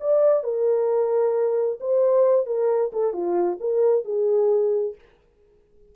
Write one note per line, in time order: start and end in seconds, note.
0.00 0.43 D5
0.43 1.79 A#4
1.80 2.46 C5
2.46 2.91 A#4
2.92 3.13 A4
3.13 3.58 F4
3.60 4.04 A#4
4.04 4.94 G#4